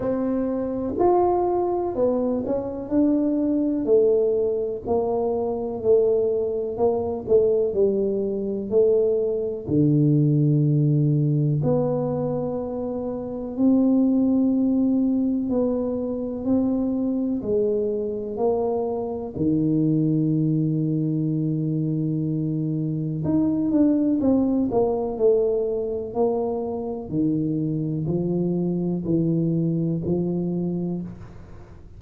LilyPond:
\new Staff \with { instrumentName = "tuba" } { \time 4/4 \tempo 4 = 62 c'4 f'4 b8 cis'8 d'4 | a4 ais4 a4 ais8 a8 | g4 a4 d2 | b2 c'2 |
b4 c'4 gis4 ais4 | dis1 | dis'8 d'8 c'8 ais8 a4 ais4 | dis4 f4 e4 f4 | }